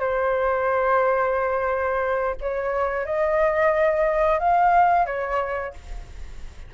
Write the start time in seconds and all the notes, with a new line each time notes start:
0.00 C5
2.41 C#5
3.05 D#5
4.39 F5
5.07 C#5